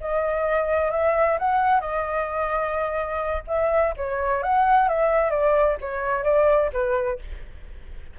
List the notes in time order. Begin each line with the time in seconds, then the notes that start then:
0.00 D#5
0.91 E5
1.39 F#5
1.80 D#5
3.47 E5
3.97 C#5
4.42 F#5
4.88 E5
5.30 D5
5.81 C#5
6.23 D5
6.73 B4